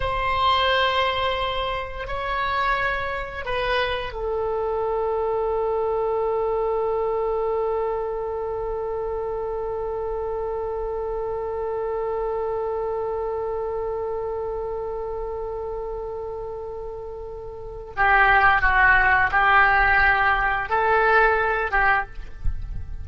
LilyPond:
\new Staff \with { instrumentName = "oboe" } { \time 4/4 \tempo 4 = 87 c''2. cis''4~ | cis''4 b'4 a'2~ | a'1~ | a'1~ |
a'1~ | a'1~ | a'2 g'4 fis'4 | g'2 a'4. g'8 | }